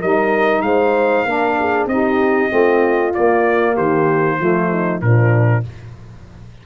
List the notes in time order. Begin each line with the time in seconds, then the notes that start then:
0.00 G3 D#4 A#4 D#5
0.62 G#3 C5 F5
1.26 A#3 D4 A#4
1.59 G#4
1.87 C4 D#4 D#5
1.93 G4
2.49 A3 C4 F4
3.14 A#3 D5
3.74 D#3 G4 C5
4.39 F3 A3 F4
4.71 D#4
5.02 A#2 F3 D4 A#4